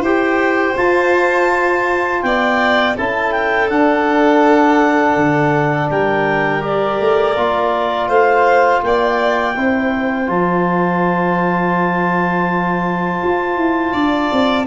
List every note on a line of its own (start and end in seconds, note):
0.00 0.73 E4
0.00 0.77 G4
0.00 2.22 C5
0.00 0.77 G5
0.77 2.96 F4
0.77 2.23 F4
0.77 2.22 A5
2.22 2.96 B3
2.22 2.96 D5
2.22 2.95 G5
2.96 3.70 C#4
2.96 3.69 E4
2.96 5.89 A4
2.96 3.32 A5
3.32 3.68 G5
3.69 6.61 D4
3.69 5.16 D4
3.69 5.89 F#5
5.16 5.89 D3
5.90 7.00 G3
5.90 8.08 A#4
5.90 6.63 G5
6.61 7.34 G4
6.61 8.09 D5
7.00 7.36 A3
7.36 8.08 A#3
7.36 9.55 F4
8.08 8.82 A3
8.08 8.81 C5
8.08 8.82 F5
8.83 9.56 A#3
8.83 9.55 D5
8.83 10.29 G5
9.55 10.29 C4
9.55 10.26 E4
9.55 13.93 C5
10.26 13.21 F3
10.26 14.65 F4
10.26 14.66 A5
13.23 13.56 F4
13.56 13.93 E4
13.93 14.30 D4
13.93 14.66 D5
14.32 14.66 C4